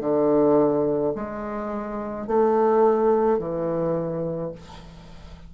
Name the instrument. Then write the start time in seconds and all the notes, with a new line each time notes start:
bassoon
0.00 D3
1.15 G#3
2.27 A3
3.39 E3